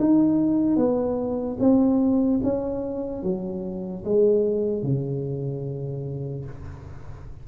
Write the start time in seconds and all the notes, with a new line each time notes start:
0.00 D#4
0.76 B3
1.60 C4
2.44 C#4
3.23 F#3
4.04 G#3
4.83 C#3